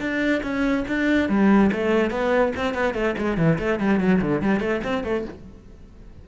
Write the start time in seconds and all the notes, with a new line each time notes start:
0.00 D4
0.43 C#4
0.87 D4
1.29 G3
1.72 A3
2.11 B3
2.56 C4
2.74 B3
2.94 A3
3.18 G#3
3.37 E3
3.59 A3
3.79 G3
4.00 F#3
4.21 D3
4.42 G3
4.60 A3
4.84 C4
5.04 A3